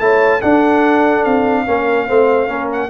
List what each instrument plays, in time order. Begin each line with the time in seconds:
0.00 tuba A3, trombone E4, horn C#5, trumpet A5
0.40 trombone D4, tuba D4, horn A4, trumpet F#5
1.24 tuba C4, trumpet F5
1.66 tuba A#3, trombone C#4, horn A#4
2.08 tuba A3, trombone C4, horn C5
2.47 tuba A#3, trombone C#4, horn A#4
2.73 trumpet F#5